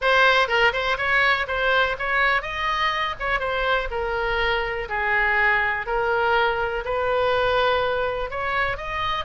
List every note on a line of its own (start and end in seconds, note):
0.01 0.48 C5
0.48 0.72 A#4
0.73 0.97 C5
0.97 1.46 C#5
1.47 1.96 C5
1.98 2.42 C#5
2.42 3.15 D#5
3.19 3.39 C#5
3.39 3.88 C5
3.90 4.88 A#4
4.88 5.86 G#4
5.86 6.84 A#4
6.84 8.30 B4
8.30 8.77 C#5
8.77 9.24 D#5